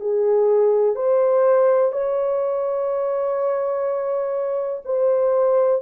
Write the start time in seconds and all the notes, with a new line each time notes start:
0.00 G#4
0.95 C5
1.92 C#5
4.85 C5